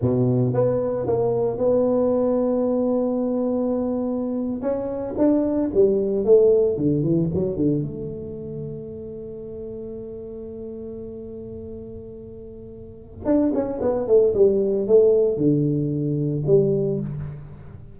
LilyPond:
\new Staff \with { instrumentName = "tuba" } { \time 4/4 \tempo 4 = 113 b,4 b4 ais4 b4~ | b1~ | b8. cis'4 d'4 g4 a16~ | a8. d8 e8 fis8 d8 a4~ a16~ |
a1~ | a1~ | a4 d'8 cis'8 b8 a8 g4 | a4 d2 g4 | }